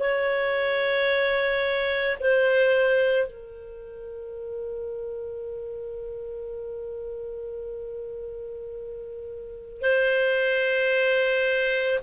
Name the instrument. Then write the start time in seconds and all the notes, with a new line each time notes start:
clarinet
0.00 C#5
2.20 C5
3.27 A#4
9.81 C5